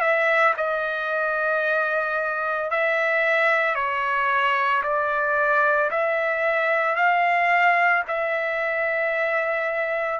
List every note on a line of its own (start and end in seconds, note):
0.00 0.54 E5
0.56 2.70 D#5
2.70 3.75 E5
3.75 4.82 C#5
4.83 5.90 D5
5.90 6.96 E5
6.96 8.03 F5
8.07 10.20 E5